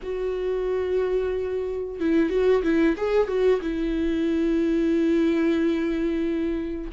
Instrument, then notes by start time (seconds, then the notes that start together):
viola
0.02 F#4
1.99 E4
2.29 F#4
2.63 E4
2.96 G#4
3.27 F#4
3.61 E4